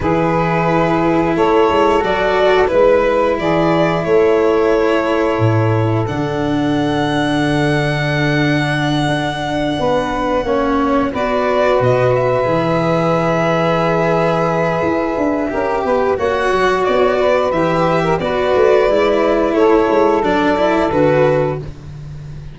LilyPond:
<<
  \new Staff \with { instrumentName = "violin" } { \time 4/4 \tempo 4 = 89 b'2 cis''4 d''4 | b'4 d''4 cis''2~ | cis''4 fis''2.~ | fis''1~ |
fis''8 d''4 dis''8 e''2~ | e''1 | fis''4 d''4 e''4 d''4~ | d''4 cis''4 d''4 b'4 | }
  \new Staff \with { instrumentName = "saxophone" } { \time 4/4 gis'2 a'2 | b'4 gis'4 a'2~ | a'1~ | a'2~ a'8 b'4 cis''8~ |
cis''8 b'2.~ b'8~ | b'2. ais'8 b'8 | cis''4. b'4~ b'16 ais'16 b'4~ | b'4 a'2. | }
  \new Staff \with { instrumentName = "cello" } { \time 4/4 e'2. fis'4 | e'1~ | e'4 d'2.~ | d'2.~ d'8 cis'8~ |
cis'8 fis'2 gis'4.~ | gis'2. g'4 | fis'2 g'4 fis'4 | e'2 d'8 e'8 fis'4 | }
  \new Staff \with { instrumentName = "tuba" } { \time 4/4 e2 a8 gis8 fis4 | gis4 e4 a2 | a,4 d2.~ | d4. d'4 b4 ais8~ |
ais8 b4 b,4 e4.~ | e2 e'8 d'8 cis'8 b8 | ais8 fis8 b4 e4 b8 a8 | gis4 a8 gis8 fis4 d4 | }
>>